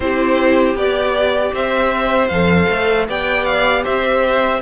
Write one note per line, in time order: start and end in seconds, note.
0.00 0.75 C4
0.00 0.76 E4
0.00 1.53 G4
0.00 0.76 C5
0.75 1.52 B3
0.75 2.30 G4
0.75 1.54 D5
1.52 2.29 C4
1.52 3.07 C5
1.52 2.28 E5
2.28 2.68 F2
2.28 3.08 A4
2.28 3.05 F5
2.69 3.08 A3
3.08 3.85 B3
3.08 4.61 G4
3.08 3.83 D5
3.08 3.45 G5
3.45 3.83 F5
3.83 4.61 C4
3.83 4.60 C5
3.83 4.61 E5